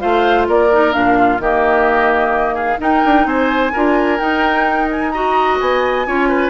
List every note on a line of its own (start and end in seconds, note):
0.00 0.49 A3
0.00 0.70 F4
0.00 0.48 C5
0.00 0.47 F5
0.49 0.95 A#3
0.49 1.19 A#4
0.49 0.93 D5
0.72 0.92 D#4
0.92 1.40 A#2
0.92 1.39 D4
0.92 1.40 F5
1.19 1.42 F4
1.40 2.79 D#3
1.40 2.78 A#3
1.40 2.55 G4
1.40 2.56 D#5
2.55 2.78 G#4
2.55 2.80 F5
2.78 3.71 D#4
2.78 3.03 D#4
2.78 3.28 A#4
2.78 3.28 G5
3.06 3.26 D4
3.26 3.72 C4
3.26 3.73 C5
3.26 4.19 G#5
3.73 4.20 D4
3.73 4.19 F4
3.73 5.13 A#4
4.19 5.12 D#4
4.19 5.60 D#4
4.19 4.89 G5
4.91 5.11 G#5
5.11 6.07 F#4
5.11 6.07 D#5
5.11 5.58 A#5
5.61 6.07 B3
5.61 6.50 G#5
6.07 6.50 C#4
6.07 6.50 F4
6.07 6.29 C#5
6.29 6.50 B4